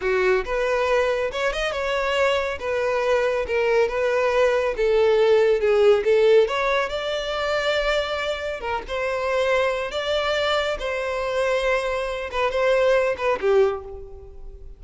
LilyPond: \new Staff \with { instrumentName = "violin" } { \time 4/4 \tempo 4 = 139 fis'4 b'2 cis''8 dis''8 | cis''2 b'2 | ais'4 b'2 a'4~ | a'4 gis'4 a'4 cis''4 |
d''1 | ais'8 c''2~ c''8 d''4~ | d''4 c''2.~ | c''8 b'8 c''4. b'8 g'4 | }